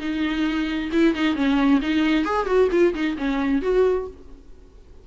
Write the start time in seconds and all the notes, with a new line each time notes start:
0.00 D#4
0.92 E4
1.14 D#4
1.35 C#4
1.81 D#4
2.25 G#4
2.46 F#4
2.71 F4
2.94 D#4
3.18 C#4
3.62 F#4